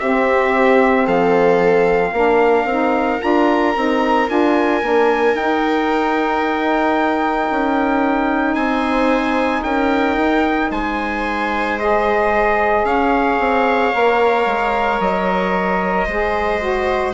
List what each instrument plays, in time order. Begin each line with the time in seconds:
0.00 bassoon C4, saxophone C4, viola G4, trumpet E5
1.06 bassoon F3, viola A4, trumpet F5
2.13 bassoon A#3, saxophone D4, viola A#4
2.65 bassoon C4, saxophone D#4
3.20 bassoon D4, saxophone F4, trumpet A#5
3.77 bassoon C4, saxophone D#4
4.27 bassoon D4, saxophone F4, trumpet G#5
4.82 bassoon A#3, saxophone D4
5.34 bassoon D#4, saxophone D#4, trumpet G5
7.51 bassoon C#4
8.55 bassoon C4, viola C5, trumpet G#5
9.64 bassoon C#4, viola A#4, trumpet G5
10.18 bassoon D#4
10.71 bassoon G#3, viola C5, trumpet G#5
11.79 saxophone G#4, trumpet D#5
12.85 bassoon C#4, viola C#5, trumpet F5
13.40 bassoon C4
13.94 bassoon A#3, saxophone A#4
14.46 bassoon G#3
15.00 bassoon F#3, trumpet D#5
16.06 bassoon G#3, saxophone G#4, viola C5
16.60 saxophone F#4